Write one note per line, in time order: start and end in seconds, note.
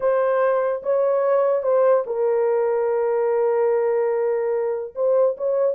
0.00 0.82 C5
0.82 1.63 C#5
1.63 2.04 C5
2.06 4.94 A#4
4.95 5.36 C5
5.37 5.74 C#5